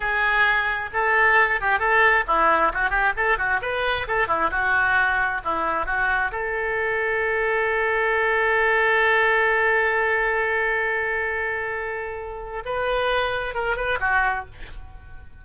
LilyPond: \new Staff \with { instrumentName = "oboe" } { \time 4/4 \tempo 4 = 133 gis'2 a'4. g'8 | a'4 e'4 fis'8 g'8 a'8 fis'8 | b'4 a'8 e'8 fis'2 | e'4 fis'4 a'2~ |
a'1~ | a'1~ | a'1 | b'2 ais'8 b'8 fis'4 | }